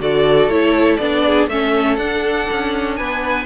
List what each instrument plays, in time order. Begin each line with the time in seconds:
0.00 cello D3, viola F#4, violin A4 D5
0.48 cello A3, viola E4, violin C#5
0.97 cello B3, viola D4, violin D5
1.25 violin G#4
1.48 cello A3, viola C#4, violin A4 E5
1.96 cello D4, viola D4, violin F#5
2.51 cello C#4
2.96 cello B3, violin B4 G#5